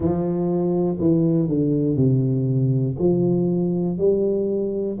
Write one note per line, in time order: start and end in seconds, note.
0.00 0.97 F3
1.00 1.48 E3
1.48 1.96 D3
1.96 2.96 C3
2.98 3.98 F3
3.98 4.98 G3